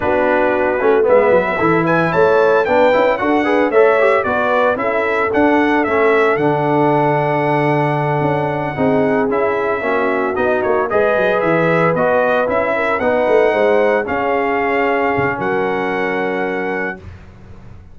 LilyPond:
<<
  \new Staff \with { instrumentName = "trumpet" } { \time 4/4 \tempo 4 = 113 b'2 e''4. gis''8 | a''4 g''4 fis''4 e''4 | d''4 e''4 fis''4 e''4 | fis''1~ |
fis''4. e''2 dis''8 | cis''8 dis''4 e''4 dis''4 e''8~ | e''8 fis''2 f''4.~ | f''4 fis''2. | }
  \new Staff \with { instrumentName = "horn" } { \time 4/4 fis'2 b'4 a'8 b'8 | cis''4 b'4 a'8 b'8 cis''4 | b'4 a'2.~ | a'1~ |
a'8 gis'2 fis'4.~ | fis'8 b'2.~ b'8 | ais'8 b'4 c''4 gis'4.~ | gis'4 ais'2. | }
  \new Staff \with { instrumentName = "trombone" } { \time 4/4 d'4. cis'8 b4 e'4~ | e'4 d'8 e'8 fis'8 gis'8 a'8 g'8 | fis'4 e'4 d'4 cis'4 | d'1~ |
d'8 dis'4 e'4 cis'4 dis'8~ | dis'8 gis'2 fis'4 e'8~ | e'8 dis'2 cis'4.~ | cis'1 | }
  \new Staff \with { instrumentName = "tuba" } { \time 4/4 b4. a8 gis8 fis8 e4 | a4 b8 cis'8 d'4 a4 | b4 cis'4 d'4 a4 | d2.~ d8 cis'8~ |
cis'8 c'4 cis'4 ais4 b8 | ais8 gis8 fis8 e4 b4 cis'8~ | cis'8 b8 a8 gis4 cis'4.~ | cis'8 cis8 fis2. | }
>>